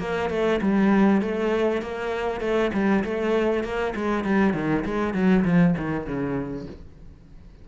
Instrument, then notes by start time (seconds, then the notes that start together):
cello
0.00 A#3
0.30 A3
0.62 G3
1.22 A3
1.82 A#3
2.41 A3
2.74 G3
3.04 A3
3.64 A#3
3.96 G#3
4.25 G3
4.54 D#3
4.85 G#3
5.14 F#3
5.45 F3
5.78 D#3
6.07 C#3